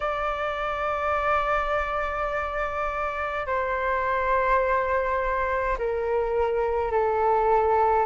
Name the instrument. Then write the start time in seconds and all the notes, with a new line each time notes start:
flute
0.00 D5
3.46 C5
5.78 A#4
6.91 A4